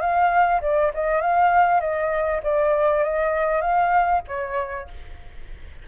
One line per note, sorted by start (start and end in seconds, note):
0.00 0.61 F5
0.61 0.91 D5
0.93 1.21 D#5
1.21 1.80 F5
1.80 2.40 D#5
2.43 3.03 D5
3.03 3.61 D#5
3.61 4.21 F5
4.27 4.88 C#5